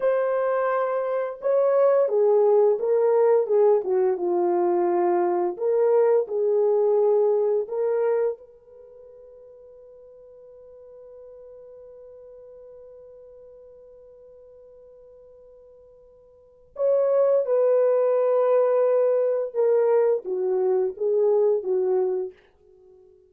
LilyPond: \new Staff \with { instrumentName = "horn" } { \time 4/4 \tempo 4 = 86 c''2 cis''4 gis'4 | ais'4 gis'8 fis'8 f'2 | ais'4 gis'2 ais'4 | b'1~ |
b'1~ | b'1 | cis''4 b'2. | ais'4 fis'4 gis'4 fis'4 | }